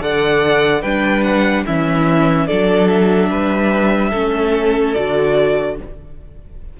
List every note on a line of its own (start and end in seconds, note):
0.00 0.83 D3
0.00 0.82 A4
0.00 0.82 D5
0.00 0.82 F#5
0.82 1.65 G3
0.82 1.67 D4
0.82 1.64 B4
0.82 1.23 G5
1.23 1.64 F#5
1.66 2.50 E3
1.66 2.48 C#4
1.66 2.47 E4
1.66 2.47 E5
2.47 3.30 F#3
2.47 4.13 D4
2.47 3.29 A4
2.47 2.88 D5
2.89 4.94 E5
3.30 4.12 G3
3.30 4.10 B4
4.10 4.96 A3
4.10 4.96 C#4
4.10 5.74 A4
4.94 5.80 D3
4.94 5.78 F#4
4.94 5.76 D5